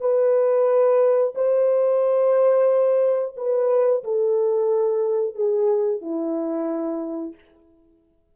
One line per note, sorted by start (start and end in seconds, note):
0.00 1.33 B4
1.35 3.35 C5
3.36 4.03 B4
4.04 5.35 A4
5.35 6.01 G#4
6.01 7.35 E4